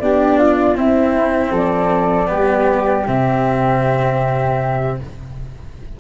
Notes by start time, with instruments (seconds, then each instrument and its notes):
0.00 tuba B3, cello D4, flute G4 D5
0.39 flute F4
0.76 cello C4, tuba C4, flute E4 E5
1.52 tuba F3, flute A4 D5
2.27 tuba G3, cello B3, flute G4
3.07 tuba C3, cello C4, flute E5